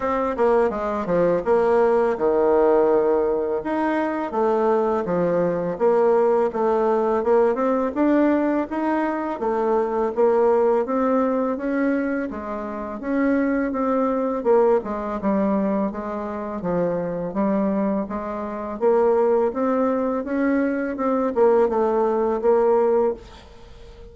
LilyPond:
\new Staff \with { instrumentName = "bassoon" } { \time 4/4 \tempo 4 = 83 c'8 ais8 gis8 f8 ais4 dis4~ | dis4 dis'4 a4 f4 | ais4 a4 ais8 c'8 d'4 | dis'4 a4 ais4 c'4 |
cis'4 gis4 cis'4 c'4 | ais8 gis8 g4 gis4 f4 | g4 gis4 ais4 c'4 | cis'4 c'8 ais8 a4 ais4 | }